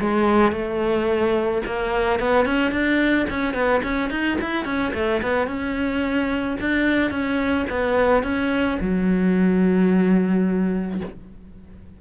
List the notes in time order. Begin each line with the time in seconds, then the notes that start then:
0.00 G#3
0.52 A3
1.66 A#3
2.19 B3
2.45 C#4
2.71 D4
3.30 C#4
3.54 B3
3.83 C#4
4.10 D#4
4.41 E4
4.65 C#4
4.94 A3
5.22 B3
5.47 C#4
6.60 D4
7.11 C#4
7.70 B3
8.23 C#4
8.80 F#3